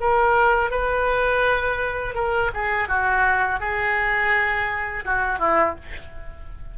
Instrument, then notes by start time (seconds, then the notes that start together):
oboe
0.00 A#4
0.70 B4
2.15 A#4
2.53 G#4
2.88 F#4
3.59 G#4
5.05 F#4
5.39 E4